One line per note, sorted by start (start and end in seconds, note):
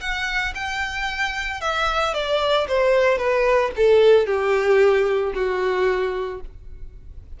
0.00 0.53 F#5
0.55 1.60 G5
1.60 2.14 E5
2.14 2.67 D5
2.67 3.18 C5
3.18 3.71 B4
3.76 4.26 A4
4.26 5.32 G4
5.34 6.40 F#4